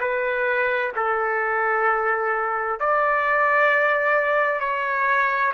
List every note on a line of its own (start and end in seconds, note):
0.00 0.92 B4
0.96 2.80 A4
2.80 4.60 D5
4.60 5.53 C#5